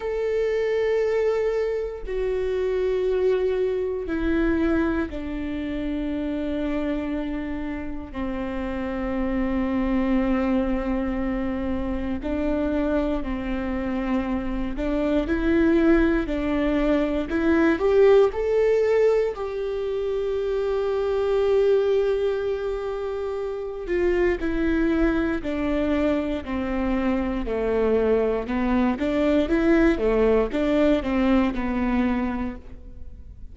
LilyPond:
\new Staff \with { instrumentName = "viola" } { \time 4/4 \tempo 4 = 59 a'2 fis'2 | e'4 d'2. | c'1 | d'4 c'4. d'8 e'4 |
d'4 e'8 g'8 a'4 g'4~ | g'2.~ g'8 f'8 | e'4 d'4 c'4 a4 | b8 d'8 e'8 a8 d'8 c'8 b4 | }